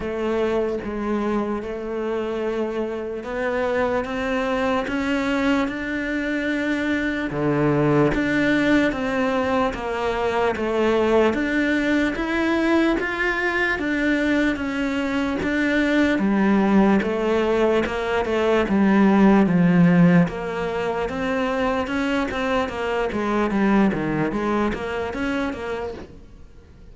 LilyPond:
\new Staff \with { instrumentName = "cello" } { \time 4/4 \tempo 4 = 74 a4 gis4 a2 | b4 c'4 cis'4 d'4~ | d'4 d4 d'4 c'4 | ais4 a4 d'4 e'4 |
f'4 d'4 cis'4 d'4 | g4 a4 ais8 a8 g4 | f4 ais4 c'4 cis'8 c'8 | ais8 gis8 g8 dis8 gis8 ais8 cis'8 ais8 | }